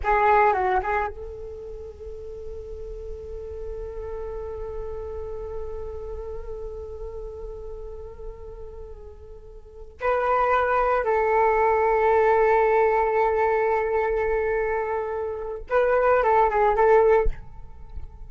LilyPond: \new Staff \with { instrumentName = "flute" } { \time 4/4 \tempo 4 = 111 gis'4 fis'8 gis'8 a'2~ | a'1~ | a'1~ | a'1~ |
a'2~ a'8 b'4.~ | b'8 a'2.~ a'8~ | a'1~ | a'4 b'4 a'8 gis'8 a'4 | }